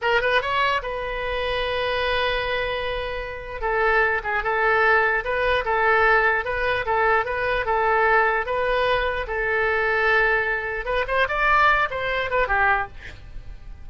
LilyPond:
\new Staff \with { instrumentName = "oboe" } { \time 4/4 \tempo 4 = 149 ais'8 b'8 cis''4 b'2~ | b'1~ | b'4 a'4. gis'8 a'4~ | a'4 b'4 a'2 |
b'4 a'4 b'4 a'4~ | a'4 b'2 a'4~ | a'2. b'8 c''8 | d''4. c''4 b'8 g'4 | }